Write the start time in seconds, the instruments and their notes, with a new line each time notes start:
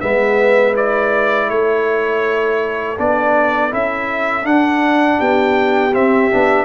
0.00 tuba G#3, trombone B3, horn B4, trumpet E5
0.74 trombone E4, trumpet D5
1.48 tuba A3, horn A4, trumpet C#5
2.97 tuba B3, trombone D4, trumpet D5
3.70 tuba C#4, trombone E4, trumpet E5
4.43 trombone D4, tuba D4, trumpet F#5
5.18 tuba B3, horn G4, trumpet G5
5.93 trombone C4, tuba C4, trumpet E5
6.30 tuba B3, trombone D4